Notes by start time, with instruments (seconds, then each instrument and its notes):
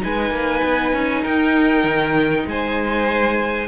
0.00 cello G#3, viola D#4, violin B4 G#5
0.31 cello A#3
0.63 cello B3
0.93 cello C#4
1.22 cello D#4, violin A#4 G5
1.84 cello D#3
2.47 cello G#3, violin C5 G#5